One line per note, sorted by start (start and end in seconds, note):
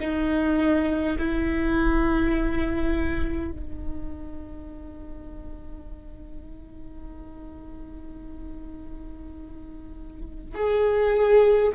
0.00 1.18 D#4
1.19 3.52 E4
3.52 10.55 D#4
10.55 11.73 G#4